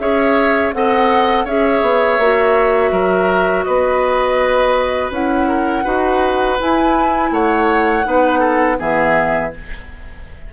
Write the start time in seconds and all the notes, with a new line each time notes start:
0.00 C#4 G#4 C#5 E5
0.73 C4 A4 D#5 F#5
1.45 C#4 G#4 C#5 E5
1.82 B3
2.19 A#3 F#4
2.92 F#3 A#4
3.64 B3 B4 D#5
5.11 C#4 E4 F#5
5.48 A#4
5.84 D#4 F#4 B4
6.60 E4 G#5
7.32 A3 C#5 F#5
8.05 B3 D#4 B4
8.40 A4
8.78 E3 B3 G#4 E5